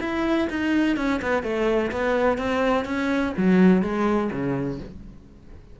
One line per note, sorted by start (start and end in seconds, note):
0.00 0.48 E4
0.50 0.96 D#4
0.96 1.20 C#4
1.22 1.43 B3
1.43 1.91 A3
1.91 2.37 B3
2.37 2.85 C4
2.85 3.33 C#4
3.37 3.82 F#3
3.82 4.30 G#3
4.31 4.79 C#3